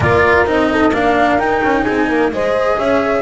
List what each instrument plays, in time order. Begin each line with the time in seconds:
0.00 double bass A#3, cello F4, horn A#4, flute D5
0.45 double bass C4, cello D#4, flute D#5
0.71 horn A4
0.91 double bass A#3, cello D4, horn A#4, flute F5
1.38 double bass D#4, cello D#4, flute G5
1.62 double bass C#4
1.82 double bass C4, horn G#4, flute G#5
2.08 double bass A#3, horn A#4
2.31 double bass G#3, cello G#4, horn C5, flute D#5
2.78 double bass C#4, horn C#5, flute E5